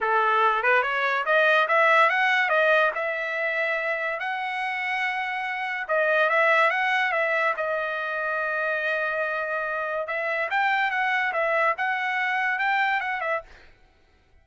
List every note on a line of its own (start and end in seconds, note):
0.00 0.63 A4
0.63 0.82 B4
0.82 1.24 C#5
1.25 1.67 D#5
1.68 2.09 E5
2.09 2.49 F#5
2.49 2.91 D#5
2.95 4.19 E5
4.19 5.87 F#5
5.88 6.29 D#5
6.29 6.70 E5
6.70 7.12 F#5
7.12 7.54 E5
7.56 10.07 D#5
10.07 10.49 E5
10.50 10.90 G5
10.90 11.32 F#5
11.32 11.74 E5
11.77 12.59 F#5
12.59 13.00 G5
13.00 13.21 F#5
13.21 13.42 E5